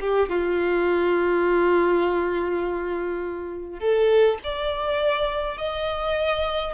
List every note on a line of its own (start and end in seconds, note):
0.00 0.29 G4
0.29 3.79 F4
3.79 4.38 A4
4.43 5.57 D5
5.57 6.73 D#5